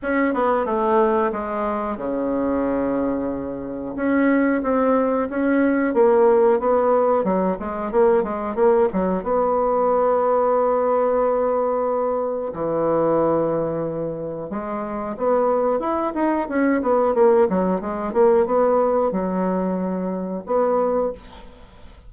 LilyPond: \new Staff \with { instrumentName = "bassoon" } { \time 4/4 \tempo 4 = 91 cis'8 b8 a4 gis4 cis4~ | cis2 cis'4 c'4 | cis'4 ais4 b4 fis8 gis8 | ais8 gis8 ais8 fis8 b2~ |
b2. e4~ | e2 gis4 b4 | e'8 dis'8 cis'8 b8 ais8 fis8 gis8 ais8 | b4 fis2 b4 | }